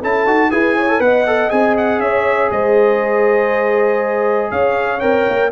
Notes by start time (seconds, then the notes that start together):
0.00 C#4 E4 A4 A5
0.26 D#4 F#4
0.51 E4 G#4 B4 G#5
0.76 C#5
0.88 A4
0.99 B3 B4 D#5 F#5
1.26 A4
1.50 C4 G#4 G#5
1.77 F#5
1.99 C#4 C#5 E5
2.51 G#3 C5 D#5
4.51 C#4 C#5 F5
5.00 C4 A#4 G5
5.29 A#3